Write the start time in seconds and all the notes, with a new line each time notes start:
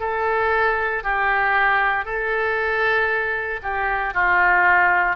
0.00 A4
1.03 G4
2.05 A4
3.63 G4
4.14 F4